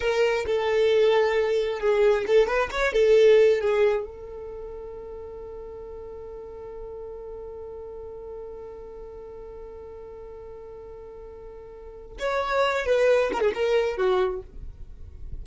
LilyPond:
\new Staff \with { instrumentName = "violin" } { \time 4/4 \tempo 4 = 133 ais'4 a'2. | gis'4 a'8 b'8 cis''8 a'4. | gis'4 a'2.~ | a'1~ |
a'1~ | a'1~ | a'2. cis''4~ | cis''8 b'4 ais'16 gis'16 ais'4 fis'4 | }